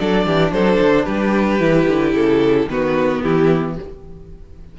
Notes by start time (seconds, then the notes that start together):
0.00 F#3 D4 A4 D5
0.26 E3 G4
0.52 F#3 A4 C5
0.81 D3
1.05 G3 G4 B4
1.60 E3 E4
1.89 D3
2.15 C#3 A4
2.66 D#3 B3 F#4 B4
3.23 E3 E4 G4